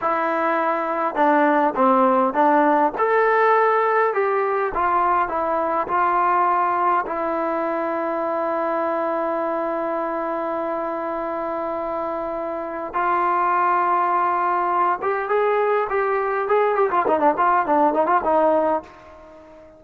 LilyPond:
\new Staff \with { instrumentName = "trombone" } { \time 4/4 \tempo 4 = 102 e'2 d'4 c'4 | d'4 a'2 g'4 | f'4 e'4 f'2 | e'1~ |
e'1~ | e'2 f'2~ | f'4. g'8 gis'4 g'4 | gis'8 g'16 f'16 dis'16 d'16 f'8 d'8 dis'16 f'16 dis'4 | }